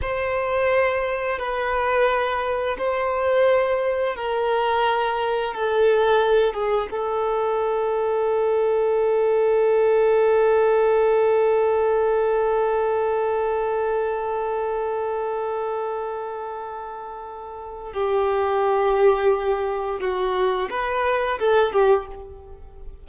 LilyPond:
\new Staff \with { instrumentName = "violin" } { \time 4/4 \tempo 4 = 87 c''2 b'2 | c''2 ais'2 | a'4. gis'8 a'2~ | a'1~ |
a'1~ | a'1~ | a'2 g'2~ | g'4 fis'4 b'4 a'8 g'8 | }